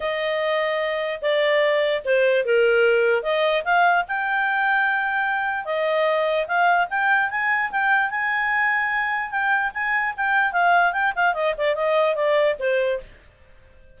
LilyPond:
\new Staff \with { instrumentName = "clarinet" } { \time 4/4 \tempo 4 = 148 dis''2. d''4~ | d''4 c''4 ais'2 | dis''4 f''4 g''2~ | g''2 dis''2 |
f''4 g''4 gis''4 g''4 | gis''2. g''4 | gis''4 g''4 f''4 g''8 f''8 | dis''8 d''8 dis''4 d''4 c''4 | }